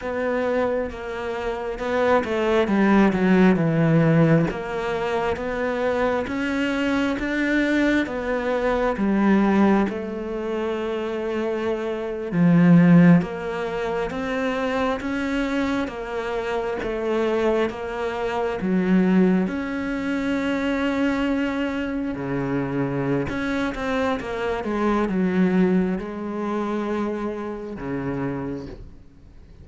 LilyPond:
\new Staff \with { instrumentName = "cello" } { \time 4/4 \tempo 4 = 67 b4 ais4 b8 a8 g8 fis8 | e4 ais4 b4 cis'4 | d'4 b4 g4 a4~ | a4.~ a16 f4 ais4 c'16~ |
c'8. cis'4 ais4 a4 ais16~ | ais8. fis4 cis'2~ cis'16~ | cis'8. cis4~ cis16 cis'8 c'8 ais8 gis8 | fis4 gis2 cis4 | }